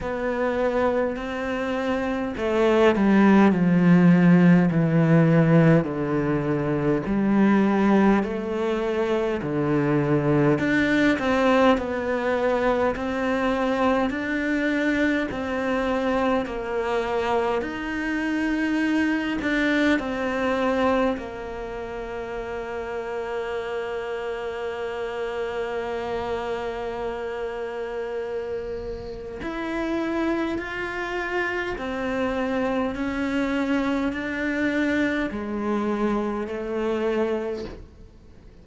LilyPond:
\new Staff \with { instrumentName = "cello" } { \time 4/4 \tempo 4 = 51 b4 c'4 a8 g8 f4 | e4 d4 g4 a4 | d4 d'8 c'8 b4 c'4 | d'4 c'4 ais4 dis'4~ |
dis'8 d'8 c'4 ais2~ | ais1~ | ais4 e'4 f'4 c'4 | cis'4 d'4 gis4 a4 | }